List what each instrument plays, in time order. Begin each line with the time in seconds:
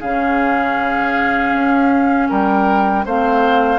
0.00 bassoon C#3, clarinet C#4, oboe G#4, flute F5
1.53 bassoon C#4
2.30 bassoon G3, oboe A#4, flute G5
3.06 bassoon A3, clarinet C4, oboe C5, flute F5